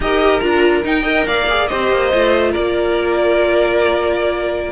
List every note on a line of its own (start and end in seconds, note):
0.00 0.40 D#4
0.00 0.41 G4
0.00 1.02 A#4
0.00 0.40 D#5
0.40 0.84 D4
0.40 0.83 F4
0.40 0.82 A#5
0.83 1.04 D#4
0.83 1.27 D#4
0.83 1.26 G5
1.02 1.47 A#4
1.02 1.23 D#5
1.26 1.70 A#3
1.26 1.69 D5
1.26 1.67 F5
1.49 1.69 G#4
1.67 1.91 C4
1.67 2.11 G4
1.67 2.51 C5
1.67 2.51 D#5
1.91 2.12 A#3
2.13 2.55 A3
2.13 4.72 F4
2.51 4.72 A#3
2.51 4.72 A#4
2.51 4.72 D5